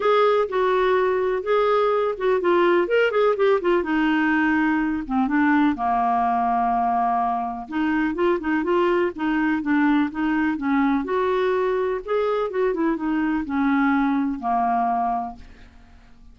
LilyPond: \new Staff \with { instrumentName = "clarinet" } { \time 4/4 \tempo 4 = 125 gis'4 fis'2 gis'4~ | gis'8 fis'8 f'4 ais'8 gis'8 g'8 f'8 | dis'2~ dis'8 c'8 d'4 | ais1 |
dis'4 f'8 dis'8 f'4 dis'4 | d'4 dis'4 cis'4 fis'4~ | fis'4 gis'4 fis'8 e'8 dis'4 | cis'2 ais2 | }